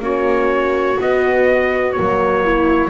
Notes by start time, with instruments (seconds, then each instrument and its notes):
0.00 double bass A#3, horn C#4, viola F#4, trumpet C#5
0.99 horn B3, double bass B3, trumpet D#5
1.92 horn A#3, trumpet C#5
2.00 double bass F#3
2.44 viola E4